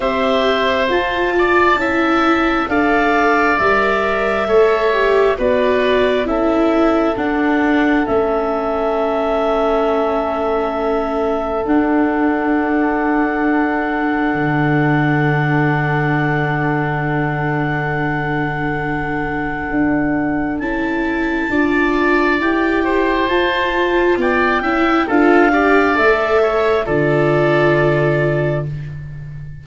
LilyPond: <<
  \new Staff \with { instrumentName = "clarinet" } { \time 4/4 \tempo 4 = 67 e''4 a''2 f''4 | e''2 d''4 e''4 | fis''4 e''2.~ | e''4 fis''2.~ |
fis''1~ | fis''2. a''4~ | a''4 g''4 a''4 g''4 | f''4 e''4 d''2 | }
  \new Staff \with { instrumentName = "oboe" } { \time 4/4 c''4. d''8 e''4 d''4~ | d''4 cis''4 b'4 a'4~ | a'1~ | a'1~ |
a'1~ | a'1 | d''4. c''4. d''8 e''8 | a'8 d''4 cis''8 a'2 | }
  \new Staff \with { instrumentName = "viola" } { \time 4/4 g'4 f'4 e'4 a'4 | ais'4 a'8 g'8 fis'4 e'4 | d'4 cis'2.~ | cis'4 d'2.~ |
d'1~ | d'2. e'4 | f'4 g'4 f'4. e'8 | f'8 g'8 a'4 f'2 | }
  \new Staff \with { instrumentName = "tuba" } { \time 4/4 c'4 f'4 cis'4 d'4 | g4 a4 b4 cis'4 | d'4 a2.~ | a4 d'2. |
d1~ | d2 d'4 cis'4 | d'4 e'4 f'4 b8 cis'8 | d'4 a4 d2 | }
>>